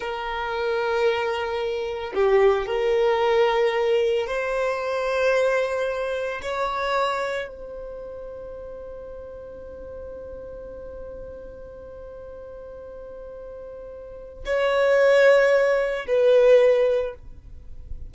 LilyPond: \new Staff \with { instrumentName = "violin" } { \time 4/4 \tempo 4 = 112 ais'1 | g'4 ais'2. | c''1 | cis''2 c''2~ |
c''1~ | c''1~ | c''2. cis''4~ | cis''2 b'2 | }